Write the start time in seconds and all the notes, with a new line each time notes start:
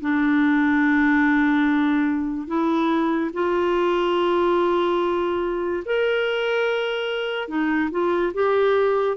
0.00 D4
2.47 E4
3.33 F4
5.85 A#4
7.48 D#4
7.91 F4
8.33 G4